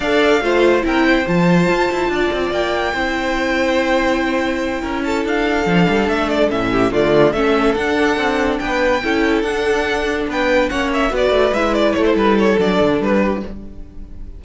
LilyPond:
<<
  \new Staff \with { instrumentName = "violin" } { \time 4/4 \tempo 4 = 143 f''2 g''4 a''4~ | a''2 g''2~ | g''1 | a''8 f''2 e''8 d''8 e''8~ |
e''8 d''4 e''4 fis''4.~ | fis''8 g''2 fis''4.~ | fis''8 g''4 fis''8 e''8 d''4 e''8 | d''8 cis''16 c''16 b'8 cis''8 d''4 b'4 | }
  \new Staff \with { instrumentName = "violin" } { \time 4/4 d''4 c''4 ais'8 c''4.~ | c''4 d''2 c''4~ | c''2.~ c''8 ais'8 | a'1 |
g'8 f'4 a'2~ a'8~ | a'8 b'4 a'2~ a'8~ | a'8 b'4 cis''4 b'4.~ | b'8 a'2. g'8 | }
  \new Staff \with { instrumentName = "viola" } { \time 4/4 a'4 f'4 e'4 f'4~ | f'2. e'4~ | e'1~ | e'4. d'2 cis'8~ |
cis'8 a4 cis'4 d'4.~ | d'4. e'4 d'4.~ | d'4. cis'4 fis'4 e'8~ | e'2 d'2 | }
  \new Staff \with { instrumentName = "cello" } { \time 4/4 d'4 a4 c'4 f4 | f'8 e'8 d'8 c'8 ais4 c'4~ | c'2.~ c'8 cis'8~ | cis'8 d'4 f8 g8 a4 a,8~ |
a,8 d4 a4 d'4 c'8~ | c'8 b4 cis'4 d'4.~ | d'8 b4 ais4 b8 a8 gis8~ | gis8 a8 g4 fis8 d8 g4 | }
>>